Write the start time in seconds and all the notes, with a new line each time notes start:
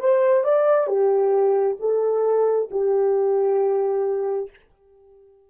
0.00 C5
0.44 D5
0.88 G4
1.80 A4
2.71 G4